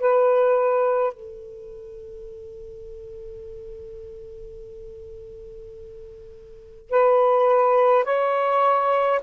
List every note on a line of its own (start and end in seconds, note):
0.00 1.14 B4
1.14 6.91 A4
6.91 8.05 B4
8.05 9.20 C#5